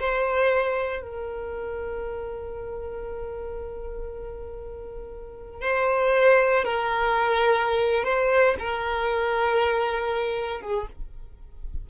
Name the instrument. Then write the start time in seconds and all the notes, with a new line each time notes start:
violin
0.00 C5
1.03 A#4
5.62 C5
6.65 A#4
8.04 C5
8.59 A#4
10.62 G#4